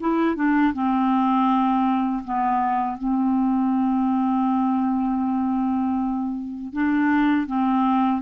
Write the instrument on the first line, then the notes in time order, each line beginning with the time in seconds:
clarinet
0.00 E4
0.35 D4
0.73 C4
2.24 B3
2.98 C4
6.73 D4
7.47 C4